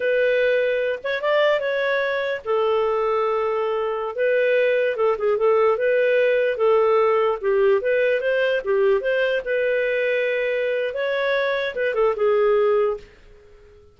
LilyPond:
\new Staff \with { instrumentName = "clarinet" } { \time 4/4 \tempo 4 = 148 b'2~ b'8 cis''8 d''4 | cis''2 a'2~ | a'2~ a'16 b'4.~ b'16~ | b'16 a'8 gis'8 a'4 b'4.~ b'16~ |
b'16 a'2 g'4 b'8.~ | b'16 c''4 g'4 c''4 b'8.~ | b'2. cis''4~ | cis''4 b'8 a'8 gis'2 | }